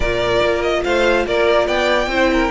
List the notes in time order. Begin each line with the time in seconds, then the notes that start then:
0.00 A#2 F4 A#4 D5
0.42 A#3
0.61 D#5
0.84 A3 C5 F5
1.26 A#3 A#4 D5
1.67 B3 D5 G5
2.07 C4 E4 C5
2.32 A#4